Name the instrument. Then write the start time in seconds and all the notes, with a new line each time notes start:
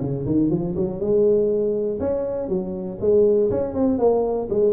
tuba
0.00 C#3
0.25 D#3
0.50 F3
0.75 F#3
1.00 G#3
1.99 C#4
2.48 F#3
3.00 G#3
3.50 C#4
3.74 C4
3.98 A#3
4.49 G#3